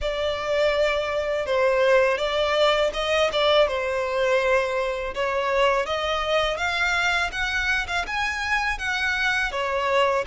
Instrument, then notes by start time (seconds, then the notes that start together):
violin
0.01 D5
1.46 C5
2.17 D5
2.93 D#5
3.32 D5
3.67 C5
5.14 C#5
5.86 D#5
6.57 F5
7.31 F#5
7.87 F5
8.07 G#5
8.78 F#5
9.51 C#5